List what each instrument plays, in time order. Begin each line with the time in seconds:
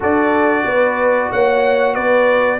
0.00 tuba D4, trombone F#4, horn A4, trumpet D5
0.65 tuba B3, horn B4
1.32 tuba A#3, horn C#5, trumpet F#5
1.94 tuba B3, horn B4, trumpet D5